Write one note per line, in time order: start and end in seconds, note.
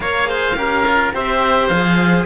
0.00 0.54 A#3
0.00 0.24 A#4
0.00 0.28 C#5
0.00 1.12 F5
0.24 0.52 G#4
0.24 0.56 C5
0.55 1.12 C#4
0.55 0.84 G4
0.55 1.13 A#4
0.87 1.13 F4
1.13 1.68 C4
1.13 1.70 G4
1.13 2.26 C5
1.13 1.67 E5
1.67 2.25 F3
1.67 2.26 G#4
1.67 2.24 F5